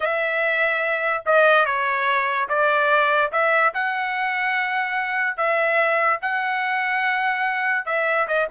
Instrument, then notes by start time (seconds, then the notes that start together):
trumpet
0.00 E5
1.25 D#5
1.65 C#5
2.48 D5
3.31 E5
3.74 F#5
5.37 E5
6.21 F#5
7.85 E5
8.27 D#5